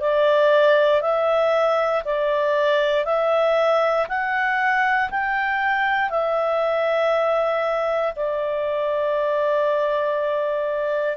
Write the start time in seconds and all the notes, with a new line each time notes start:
0.00 D5
1.01 E5
2.05 D5
3.05 E5
4.08 F#5
5.10 G5
6.10 E5
8.15 D5